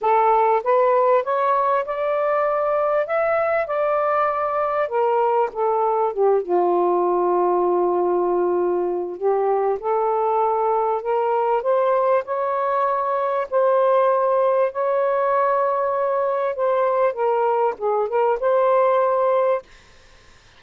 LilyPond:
\new Staff \with { instrumentName = "saxophone" } { \time 4/4 \tempo 4 = 98 a'4 b'4 cis''4 d''4~ | d''4 e''4 d''2 | ais'4 a'4 g'8 f'4.~ | f'2. g'4 |
a'2 ais'4 c''4 | cis''2 c''2 | cis''2. c''4 | ais'4 gis'8 ais'8 c''2 | }